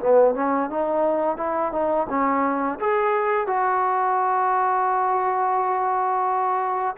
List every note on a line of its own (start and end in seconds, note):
0.00 0.35 B3
0.35 0.70 C#4
0.70 1.38 D#4
1.38 1.73 E4
1.73 2.08 D#4
2.10 2.79 C#4
2.80 3.47 G#4
3.47 6.96 F#4